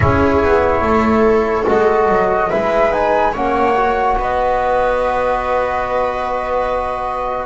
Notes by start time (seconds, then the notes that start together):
0.00 C#4 E4 G#4 C#5
0.43 B3
0.81 A3 A4
1.67 G#3 F#4 D#5
2.08 F#3
2.49 G#3 E4 B4 E5
2.91 D#4 G#5
3.32 A#3 C#4 C#5 F#5
3.77 F#4
4.16 B3 B4 D#5